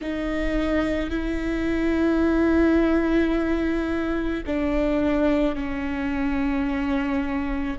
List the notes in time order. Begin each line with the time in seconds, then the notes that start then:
0.01 D#4
1.10 E4
4.46 D4
5.55 C#4